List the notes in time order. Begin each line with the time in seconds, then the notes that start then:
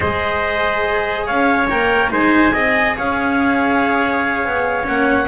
0.00 G#3 G#4 C5 D#5
1.26 C#4 C#5 F5
1.68 A#3 A#4 G5
2.10 G#3 D#4 C5 G#5
2.53 C4 G#4 D#5
2.96 C#4 C#5 F5
4.45 B3
4.83 A#3 C#4 F#5